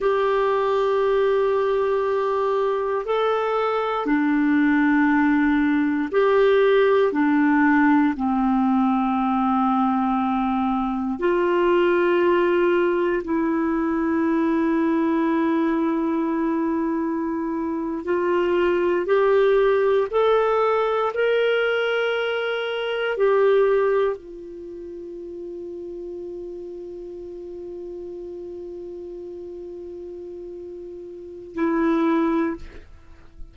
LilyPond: \new Staff \with { instrumentName = "clarinet" } { \time 4/4 \tempo 4 = 59 g'2. a'4 | d'2 g'4 d'4 | c'2. f'4~ | f'4 e'2.~ |
e'4.~ e'16 f'4 g'4 a'16~ | a'8. ais'2 g'4 f'16~ | f'1~ | f'2. e'4 | }